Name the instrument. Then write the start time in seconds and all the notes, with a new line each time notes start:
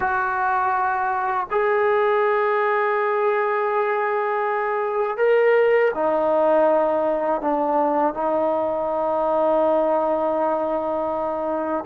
trombone
0.00 F#4
1.51 G#4
5.17 A#4
5.94 D#4
7.41 D4
8.13 D#4